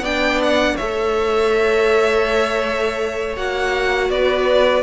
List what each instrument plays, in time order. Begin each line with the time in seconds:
0.00 cello B3, viola D4, violin D5 G5
0.43 violin F#5
0.75 cello A3, viola A4, violin C#5 E5
3.36 cello A#3, viola F#4, violin F#5
4.09 cello B3, violin B4 D5